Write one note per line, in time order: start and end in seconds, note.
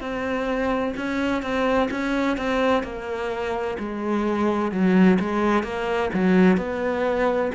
0.00 0.94 C4
0.97 1.42 C#4
1.42 1.89 C4
1.90 2.37 C#4
2.37 2.83 C4
2.83 3.77 A#3
3.79 4.71 G#3
4.71 5.18 F#3
5.19 5.63 G#3
5.63 6.10 A#3
6.14 6.57 F#3
6.57 7.51 B3